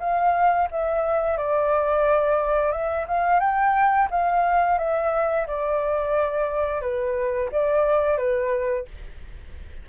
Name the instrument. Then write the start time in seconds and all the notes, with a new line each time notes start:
flute
0.00 F5
0.71 E5
1.37 D5
2.72 E5
3.08 F5
3.40 G5
4.11 F5
4.78 E5
5.47 D5
6.82 B4
7.52 D5
8.17 B4